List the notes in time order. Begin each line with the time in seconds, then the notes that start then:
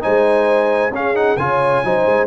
0.00 G#3 D#4 C5 G#5
0.90 C#4 G#4 F5
1.14 D#4 F#5
1.36 C#3 F4 C#5 G#5
1.84 F#3 D#4 C5
2.05 G#3